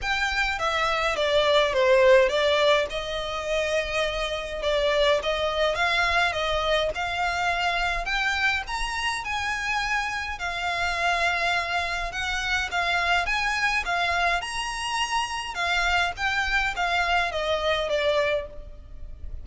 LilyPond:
\new Staff \with { instrumentName = "violin" } { \time 4/4 \tempo 4 = 104 g''4 e''4 d''4 c''4 | d''4 dis''2. | d''4 dis''4 f''4 dis''4 | f''2 g''4 ais''4 |
gis''2 f''2~ | f''4 fis''4 f''4 gis''4 | f''4 ais''2 f''4 | g''4 f''4 dis''4 d''4 | }